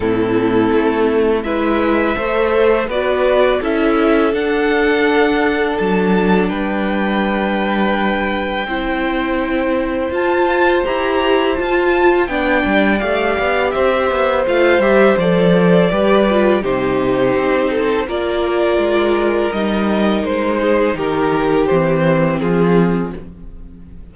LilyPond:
<<
  \new Staff \with { instrumentName = "violin" } { \time 4/4 \tempo 4 = 83 a'2 e''2 | d''4 e''4 fis''2 | a''4 g''2.~ | g''2 a''4 ais''4 |
a''4 g''4 f''4 e''4 | f''8 e''8 d''2 c''4~ | c''4 d''2 dis''4 | c''4 ais'4 c''4 gis'4 | }
  \new Staff \with { instrumentName = "violin" } { \time 4/4 e'2 b'4 c''4 | b'4 a'2.~ | a'4 b'2. | c''1~ |
c''4 d''2 c''4~ | c''2 b'4 g'4~ | g'8 a'8 ais'2.~ | ais'8 gis'8 g'2 f'4 | }
  \new Staff \with { instrumentName = "viola" } { \time 4/4 c'2 e'4 a'4 | fis'4 e'4 d'2~ | d'1 | e'2 f'4 g'4 |
f'4 d'4 g'2 | f'8 g'8 a'4 g'8 f'8 dis'4~ | dis'4 f'2 dis'4~ | dis'2 c'2 | }
  \new Staff \with { instrumentName = "cello" } { \time 4/4 a,4 a4 gis4 a4 | b4 cis'4 d'2 | fis4 g2. | c'2 f'4 e'4 |
f'4 b8 g8 a8 b8 c'8 b8 | a8 g8 f4 g4 c4 | c'4 ais4 gis4 g4 | gis4 dis4 e4 f4 | }
>>